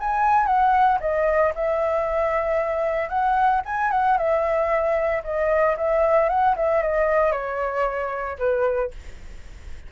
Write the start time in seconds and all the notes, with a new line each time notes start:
0.00 G#5
0.47 F#5
1.01 D#5
1.56 E5
3.09 F#5
3.66 G#5
3.91 F#5
4.18 E5
5.24 D#5
5.78 E5
6.29 F#5
6.56 E5
6.83 D#5
7.33 C#5
8.39 B4